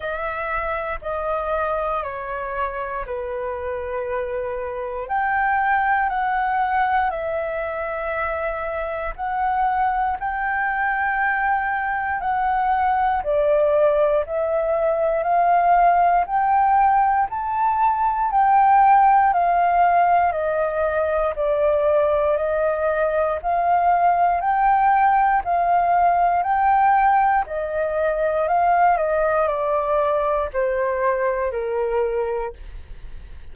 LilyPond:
\new Staff \with { instrumentName = "flute" } { \time 4/4 \tempo 4 = 59 e''4 dis''4 cis''4 b'4~ | b'4 g''4 fis''4 e''4~ | e''4 fis''4 g''2 | fis''4 d''4 e''4 f''4 |
g''4 a''4 g''4 f''4 | dis''4 d''4 dis''4 f''4 | g''4 f''4 g''4 dis''4 | f''8 dis''8 d''4 c''4 ais'4 | }